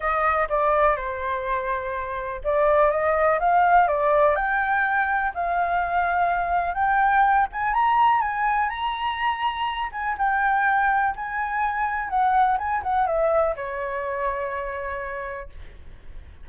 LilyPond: \new Staff \with { instrumentName = "flute" } { \time 4/4 \tempo 4 = 124 dis''4 d''4 c''2~ | c''4 d''4 dis''4 f''4 | d''4 g''2 f''4~ | f''2 g''4. gis''8 |
ais''4 gis''4 ais''2~ | ais''8 gis''8 g''2 gis''4~ | gis''4 fis''4 gis''8 fis''8 e''4 | cis''1 | }